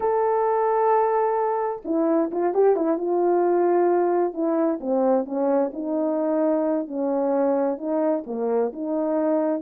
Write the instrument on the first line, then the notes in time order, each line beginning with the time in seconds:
horn
0.00 A4
1.84 E4
2.31 F4
2.53 G4
2.76 E4
2.97 F4
4.33 E4
4.80 C4
5.25 C#4
5.73 D#4
6.87 C#4
7.77 D#4
8.26 A#3
8.73 D#4